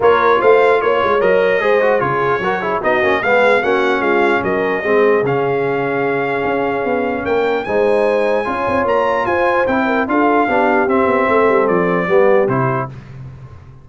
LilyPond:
<<
  \new Staff \with { instrumentName = "trumpet" } { \time 4/4 \tempo 4 = 149 cis''4 f''4 cis''4 dis''4~ | dis''4 cis''2 dis''4 | f''4 fis''4 f''4 dis''4~ | dis''4 f''2.~ |
f''2 g''4 gis''4~ | gis''2 ais''4 gis''4 | g''4 f''2 e''4~ | e''4 d''2 c''4 | }
  \new Staff \with { instrumentName = "horn" } { \time 4/4 ais'4 c''4 cis''2 | c''4 gis'4 ais'8 gis'8 fis'4 | gis'4 fis'4 f'4 ais'4 | gis'1~ |
gis'2 ais'4 c''4~ | c''4 cis''2 c''4~ | c''8 ais'8 a'4 g'2 | a'2 g'2 | }
  \new Staff \with { instrumentName = "trombone" } { \time 4/4 f'2. ais'4 | gis'8 fis'8 f'4 fis'8 e'8 dis'8 cis'8 | b4 cis'2. | c'4 cis'2.~ |
cis'2. dis'4~ | dis'4 f'2. | e'4 f'4 d'4 c'4~ | c'2 b4 e'4 | }
  \new Staff \with { instrumentName = "tuba" } { \time 4/4 ais4 a4 ais8 gis8 fis4 | gis4 cis4 fis4 b8 ais8 | gis4 ais4 gis4 fis4 | gis4 cis2. |
cis'4 b4 ais4 gis4~ | gis4 cis'8 c'8 ais4 f'4 | c'4 d'4 b4 c'8 b8 | a8 g8 f4 g4 c4 | }
>>